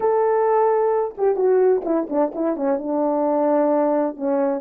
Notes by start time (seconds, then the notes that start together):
0.00 A4
1.17 G4
1.36 F#4
1.84 E4
2.09 D4
2.34 E4
2.56 C#4
2.78 D4
4.16 C#4